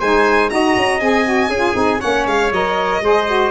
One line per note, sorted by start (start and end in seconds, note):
0.00 0.51 G#3
0.00 0.50 D#4
0.00 0.50 C5
0.00 0.50 G#5
0.50 0.76 D#4
0.50 1.01 F#4
0.50 1.50 D#5
0.50 1.00 A#5
0.76 1.01 C#4
1.00 1.48 C4
1.00 1.24 G#4
1.00 2.01 G#5
1.24 1.49 F#4
1.48 1.74 C#4
1.48 2.00 G#4
1.56 1.74 F4
1.74 2.00 C4
1.74 1.99 D#4
2.00 2.27 A#3
2.00 2.50 C#4
2.00 3.01 C#5
2.00 2.26 F#5
2.27 2.52 G#3
2.27 2.53 F5
2.52 3.02 F#3
2.52 3.02 A#4
2.52 3.51 D#5
3.02 3.51 G#3
3.02 3.27 G#4
3.02 3.51 C5
3.27 3.51 F#4